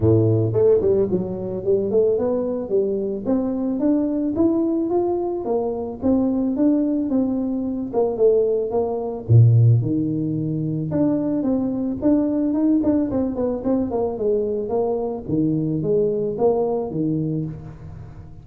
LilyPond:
\new Staff \with { instrumentName = "tuba" } { \time 4/4 \tempo 4 = 110 a,4 a8 g8 fis4 g8 a8 | b4 g4 c'4 d'4 | e'4 f'4 ais4 c'4 | d'4 c'4. ais8 a4 |
ais4 ais,4 dis2 | d'4 c'4 d'4 dis'8 d'8 | c'8 b8 c'8 ais8 gis4 ais4 | dis4 gis4 ais4 dis4 | }